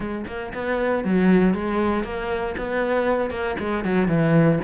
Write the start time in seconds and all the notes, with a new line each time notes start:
0.00 G#3
0.27 A#3
0.54 B3
1.04 F#3
1.54 G#3
2.03 A#3
2.57 B3
3.30 A#3
3.59 G#3
3.84 F#3
4.08 E3